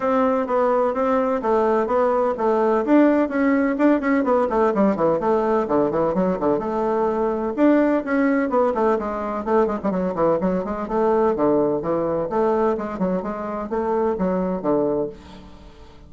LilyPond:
\new Staff \with { instrumentName = "bassoon" } { \time 4/4 \tempo 4 = 127 c'4 b4 c'4 a4 | b4 a4 d'4 cis'4 | d'8 cis'8 b8 a8 g8 e8 a4 | d8 e8 fis8 d8 a2 |
d'4 cis'4 b8 a8 gis4 | a8 gis16 g16 fis8 e8 fis8 gis8 a4 | d4 e4 a4 gis8 fis8 | gis4 a4 fis4 d4 | }